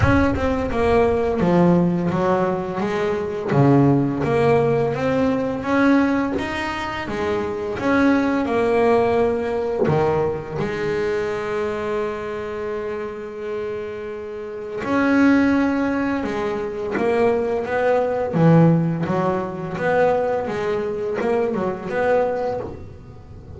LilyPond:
\new Staff \with { instrumentName = "double bass" } { \time 4/4 \tempo 4 = 85 cis'8 c'8 ais4 f4 fis4 | gis4 cis4 ais4 c'4 | cis'4 dis'4 gis4 cis'4 | ais2 dis4 gis4~ |
gis1~ | gis4 cis'2 gis4 | ais4 b4 e4 fis4 | b4 gis4 ais8 fis8 b4 | }